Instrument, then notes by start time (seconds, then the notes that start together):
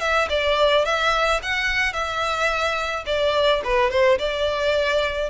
violin
0.00 E5
0.29 D5
0.85 E5
1.42 F#5
1.93 E5
3.06 D5
3.64 B4
3.90 C5
4.18 D5